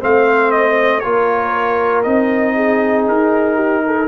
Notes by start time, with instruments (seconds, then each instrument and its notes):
0.00 tuba A3, trombone C4, horn C5, trumpet F5
0.51 trumpet D#5
1.00 tuba A#3, trombone F4, horn A#4, trumpet C#5
2.03 tuba C4, trombone D#4, trumpet D#5
2.55 horn G#4
3.07 tuba D#4, trumpet A#4
3.55 horn G4
3.86 horn A4